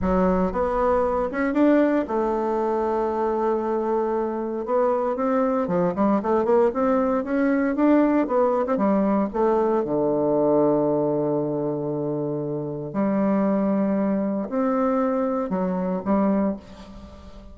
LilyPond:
\new Staff \with { instrumentName = "bassoon" } { \time 4/4 \tempo 4 = 116 fis4 b4. cis'8 d'4 | a1~ | a4 b4 c'4 f8 g8 | a8 ais8 c'4 cis'4 d'4 |
b8. c'16 g4 a4 d4~ | d1~ | d4 g2. | c'2 fis4 g4 | }